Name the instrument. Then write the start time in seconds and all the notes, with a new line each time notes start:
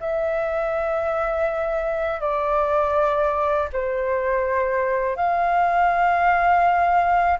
flute
0.00 E5
2.21 D5
3.73 C5
5.16 F5